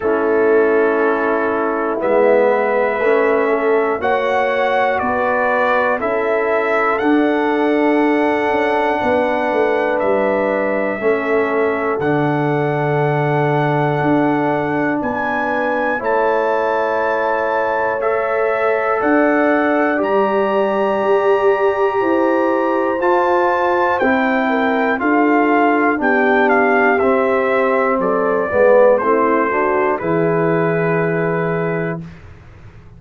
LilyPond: <<
  \new Staff \with { instrumentName = "trumpet" } { \time 4/4 \tempo 4 = 60 a'2 e''2 | fis''4 d''4 e''4 fis''4~ | fis''2 e''2 | fis''2. gis''4 |
a''2 e''4 fis''4 | ais''2. a''4 | g''4 f''4 g''8 f''8 e''4 | d''4 c''4 b'2 | }
  \new Staff \with { instrumentName = "horn" } { \time 4/4 e'2~ e'8 b'4 a'8 | cis''4 b'4 a'2~ | a'4 b'2 a'4~ | a'2. b'4 |
cis''2. d''4~ | d''2 c''2~ | c''8 ais'8 a'4 g'2 | a'8 b'8 e'8 fis'8 gis'2 | }
  \new Staff \with { instrumentName = "trombone" } { \time 4/4 cis'2 b4 cis'4 | fis'2 e'4 d'4~ | d'2. cis'4 | d'1 |
e'2 a'2 | g'2. f'4 | e'4 f'4 d'4 c'4~ | c'8 b8 c'8 d'8 e'2 | }
  \new Staff \with { instrumentName = "tuba" } { \time 4/4 a2 gis4 a4 | ais4 b4 cis'4 d'4~ | d'8 cis'8 b8 a8 g4 a4 | d2 d'4 b4 |
a2. d'4 | g4 g'4 e'4 f'4 | c'4 d'4 b4 c'4 | fis8 gis8 a4 e2 | }
>>